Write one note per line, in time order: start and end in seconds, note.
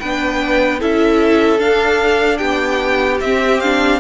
0.00 0.82 B3
0.00 0.80 D4
0.00 0.80 B4
0.00 0.80 G5
0.80 1.59 C#4
0.80 1.58 E4
0.80 2.39 A4
0.80 1.60 E5
1.58 3.18 D4
1.58 2.39 D4
1.58 2.38 F5
2.38 3.21 B3
2.38 3.99 G4
2.38 3.18 G5
3.21 4.00 C4
3.21 3.63 C4
3.21 3.60 E5
3.60 4.00 D4
3.60 4.00 F5